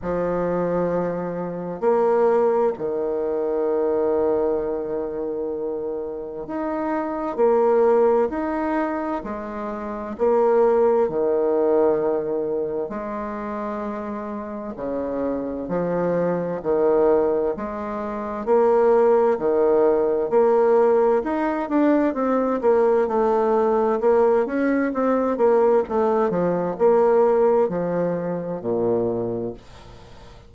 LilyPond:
\new Staff \with { instrumentName = "bassoon" } { \time 4/4 \tempo 4 = 65 f2 ais4 dis4~ | dis2. dis'4 | ais4 dis'4 gis4 ais4 | dis2 gis2 |
cis4 f4 dis4 gis4 | ais4 dis4 ais4 dis'8 d'8 | c'8 ais8 a4 ais8 cis'8 c'8 ais8 | a8 f8 ais4 f4 ais,4 | }